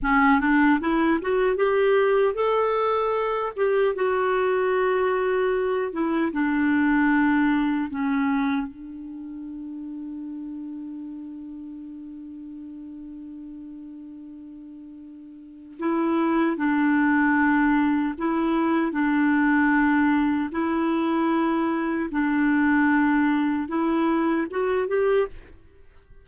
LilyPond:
\new Staff \with { instrumentName = "clarinet" } { \time 4/4 \tempo 4 = 76 cis'8 d'8 e'8 fis'8 g'4 a'4~ | a'8 g'8 fis'2~ fis'8 e'8 | d'2 cis'4 d'4~ | d'1~ |
d'1 | e'4 d'2 e'4 | d'2 e'2 | d'2 e'4 fis'8 g'8 | }